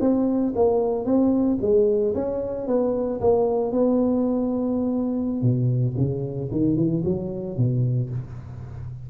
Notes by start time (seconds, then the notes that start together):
0.00 C4
0.55 A#3
1.05 C4
1.61 G#3
2.14 C#4
2.67 B3
3.21 A#3
3.72 B3
5.42 B2
5.97 C#3
6.51 D#3
6.76 E3
7.05 F#3
7.57 B2